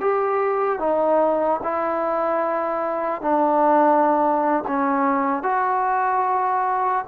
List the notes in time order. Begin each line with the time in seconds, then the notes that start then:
0.00 G4
0.79 D#4
1.63 E4
3.21 D4
4.67 C#4
5.43 F#4